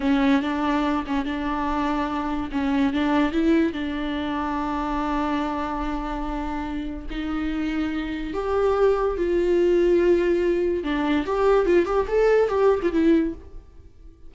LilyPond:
\new Staff \with { instrumentName = "viola" } { \time 4/4 \tempo 4 = 144 cis'4 d'4. cis'8 d'4~ | d'2 cis'4 d'4 | e'4 d'2.~ | d'1~ |
d'4 dis'2. | g'2 f'2~ | f'2 d'4 g'4 | f'8 g'8 a'4 g'8. f'16 e'4 | }